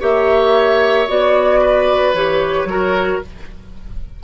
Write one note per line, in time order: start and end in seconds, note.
0.00 1.08 A#3
0.00 1.07 G4
0.00 1.61 C#5
0.00 1.09 E5
1.08 2.14 B3
1.08 2.15 F#4
1.08 2.15 D5
1.61 2.68 B4
2.14 2.64 E3
2.14 2.69 G4
2.14 3.22 C#5
2.64 3.18 F#3
2.64 3.22 F#4
2.64 3.23 A#4